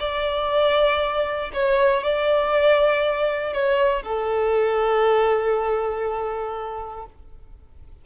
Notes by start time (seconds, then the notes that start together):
0.00 D5
1.54 C#5
2.04 D5
3.53 C#5
4.03 A4